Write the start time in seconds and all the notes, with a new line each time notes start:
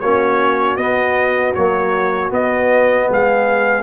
0.00 A#3 C#4 F#4 C#5
0.76 B3 D#5
1.54 F#3 A#3 C#5
2.29 B3 D#5
3.08 G#3 G#4 F5